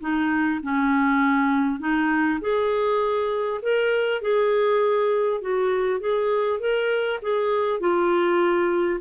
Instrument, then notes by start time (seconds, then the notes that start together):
clarinet
0.00 D#4
0.62 C#4
1.79 D#4
2.40 G#4
3.62 A#4
4.21 G#4
5.41 F#4
6.00 G#4
6.59 A#4
7.22 G#4
7.80 F4